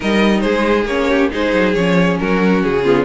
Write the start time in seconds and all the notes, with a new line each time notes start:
0.00 G3 D#4 A#4 D#5
0.40 G#3 G#4 C5
0.85 A#3 C#4 C#5
1.09 G4
1.31 G#3 D#4 G#4 C5
1.53 F#3
1.74 F3 C#4 C#5
2.18 F#3 F#4 A#4
2.63 C#3 G#4
2.83 B3 F4